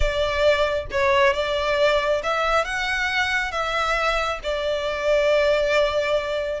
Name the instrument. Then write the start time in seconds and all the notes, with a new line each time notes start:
violin
0.00 D5
0.91 C#5
1.33 D5
2.23 E5
2.65 F#5
3.51 E5
4.43 D5